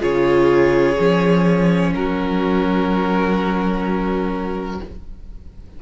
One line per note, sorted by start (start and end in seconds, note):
0.00 0.98 C#3
0.00 0.95 F4
0.00 1.90 G#4
0.00 1.93 C#5
0.99 1.95 F3
0.99 4.80 C#4
1.95 4.81 F#3
1.95 4.83 F#4
1.95 4.81 A#4